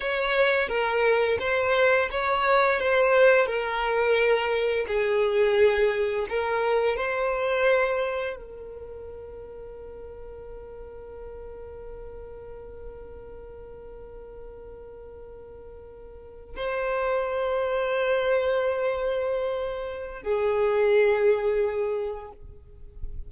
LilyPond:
\new Staff \with { instrumentName = "violin" } { \time 4/4 \tempo 4 = 86 cis''4 ais'4 c''4 cis''4 | c''4 ais'2 gis'4~ | gis'4 ais'4 c''2 | ais'1~ |
ais'1~ | ais'2.~ ais'8. c''16~ | c''1~ | c''4 gis'2. | }